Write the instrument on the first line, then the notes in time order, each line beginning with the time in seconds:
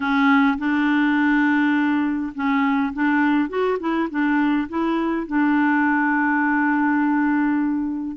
clarinet
0.00 C#4
0.57 D4
2.34 C#4
2.93 D4
3.49 F#4
3.79 E4
4.09 D4
4.69 E4
5.26 D4